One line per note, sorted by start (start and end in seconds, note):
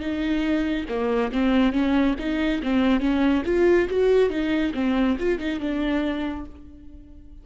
0.00 0.86 D#4
0.89 1.32 A#3
1.32 1.72 C4
1.72 2.15 C#4
2.19 2.62 D#4
2.63 3.00 C4
3.00 3.43 C#4
3.45 3.88 F4
3.90 4.29 F#4
4.29 4.72 D#4
4.74 5.17 C4
5.19 5.39 F4
5.39 5.59 D#4
5.59 6.45 D4